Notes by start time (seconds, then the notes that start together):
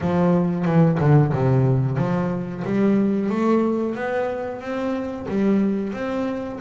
0.00 F3
0.65 E3
1.00 D3
1.33 C3
1.97 F3
2.64 G3
3.29 A3
3.95 B3
4.60 C4
5.28 G3
5.93 C4